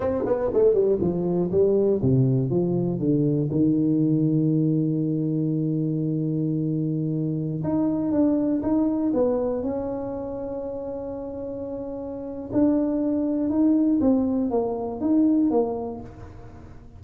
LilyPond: \new Staff \with { instrumentName = "tuba" } { \time 4/4 \tempo 4 = 120 c'8 b8 a8 g8 f4 g4 | c4 f4 d4 dis4~ | dis1~ | dis2.~ dis16 dis'8.~ |
dis'16 d'4 dis'4 b4 cis'8.~ | cis'1~ | cis'4 d'2 dis'4 | c'4 ais4 dis'4 ais4 | }